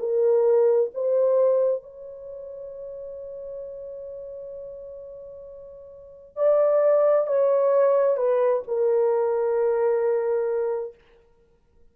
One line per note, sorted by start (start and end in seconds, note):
0.00 0.91 A#4
0.95 1.83 C5
1.83 6.37 C#5
6.37 7.28 D5
7.28 8.18 C#5
8.18 8.63 B4
8.68 10.95 A#4